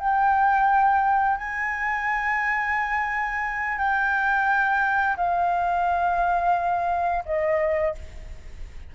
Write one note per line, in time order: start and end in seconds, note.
0.00 1.38 G5
1.38 3.79 G#5
3.79 5.17 G5
5.17 7.24 F5
7.26 7.95 D#5